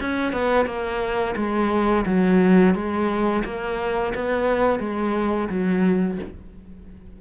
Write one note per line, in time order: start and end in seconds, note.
0.00 0.32 C#4
0.32 0.66 B3
0.66 1.35 A#3
1.36 2.05 G#3
2.06 2.75 F#3
2.75 3.44 G#3
3.44 4.13 A#3
4.15 4.79 B3
4.79 5.48 G#3
5.49 6.18 F#3